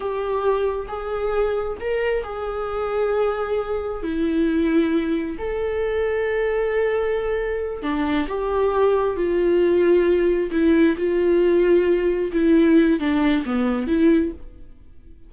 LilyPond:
\new Staff \with { instrumentName = "viola" } { \time 4/4 \tempo 4 = 134 g'2 gis'2 | ais'4 gis'2.~ | gis'4 e'2. | a'1~ |
a'4. d'4 g'4.~ | g'8 f'2. e'8~ | e'8 f'2. e'8~ | e'4 d'4 b4 e'4 | }